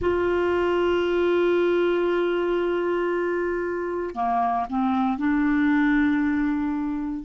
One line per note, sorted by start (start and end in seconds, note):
0.00 4.14 F4
4.14 4.66 A#3
4.69 5.17 C4
5.17 7.24 D4